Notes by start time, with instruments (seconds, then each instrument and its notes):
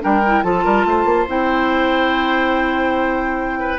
0.00 bassoon G3, clarinet D4, oboe A#4, flute G5
0.26 clarinet E4
0.43 bassoon F3, clarinet F4, oboe A4, flute A5
0.64 bassoon G3, oboe A#4
0.85 bassoon A3, oboe C5
1.05 bassoon A#3
1.27 bassoon C4, clarinet E4, flute G5
3.59 oboe B4